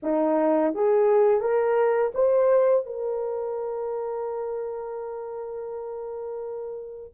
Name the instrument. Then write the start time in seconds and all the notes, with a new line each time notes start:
horn
0.03 D#4
0.74 G#4
1.40 A#4
2.14 C5
2.86 A#4